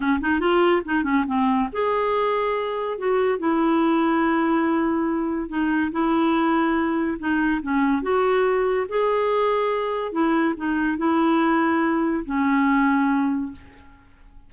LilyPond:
\new Staff \with { instrumentName = "clarinet" } { \time 4/4 \tempo 4 = 142 cis'8 dis'8 f'4 dis'8 cis'8 c'4 | gis'2. fis'4 | e'1~ | e'4 dis'4 e'2~ |
e'4 dis'4 cis'4 fis'4~ | fis'4 gis'2. | e'4 dis'4 e'2~ | e'4 cis'2. | }